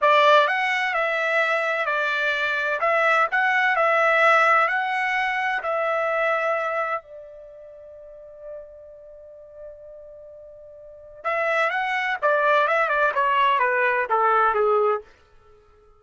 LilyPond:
\new Staff \with { instrumentName = "trumpet" } { \time 4/4 \tempo 4 = 128 d''4 fis''4 e''2 | d''2 e''4 fis''4 | e''2 fis''2 | e''2. d''4~ |
d''1~ | d''1 | e''4 fis''4 d''4 e''8 d''8 | cis''4 b'4 a'4 gis'4 | }